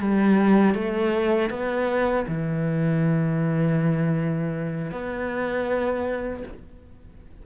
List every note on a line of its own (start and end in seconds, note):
0.00 0.75 G3
0.75 1.50 A3
1.50 2.26 B3
2.28 4.92 E3
4.92 6.43 B3